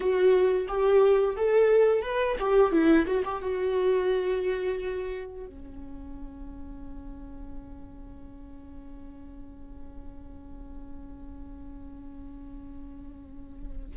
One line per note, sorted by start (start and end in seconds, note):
0.00 0.67 F#4
0.68 1.36 G4
1.36 2.02 A4
2.02 2.36 B4
2.39 2.71 G4
2.71 3.06 E4
3.06 3.23 F#4
3.24 3.42 G4
3.42 5.46 F#4
5.46 13.96 C#4